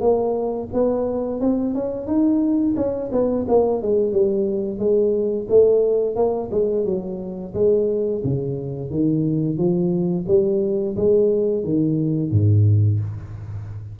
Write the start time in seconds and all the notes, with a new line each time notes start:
0.00 A#3
0.73 B3
1.40 C4
1.74 C#4
2.06 D#4
2.76 C#4
3.11 B3
3.48 A#3
3.82 G#3
4.12 G3
4.78 G#3
5.49 A3
6.15 A#3
6.51 G#3
6.85 F#3
7.54 G#3
8.23 C#3
8.90 D#3
9.57 F3
10.27 G3
10.96 G#3
11.63 D#3
12.31 G#2